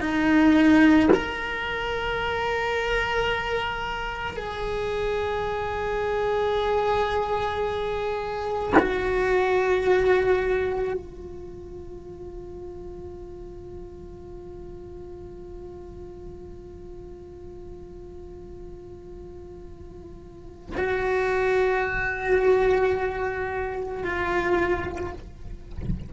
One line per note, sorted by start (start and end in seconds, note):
0.00 1.09 D#4
1.13 4.36 A#4
4.36 8.73 G#4
8.79 10.93 F#4
10.93 20.75 F4
20.77 24.03 F#4
24.03 25.13 F4